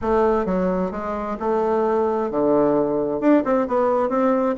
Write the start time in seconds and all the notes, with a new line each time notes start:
0.01 A3
0.45 F#3
0.91 G#3
1.39 A3
2.30 D3
3.20 D4
3.44 C4
3.67 B3
4.09 C4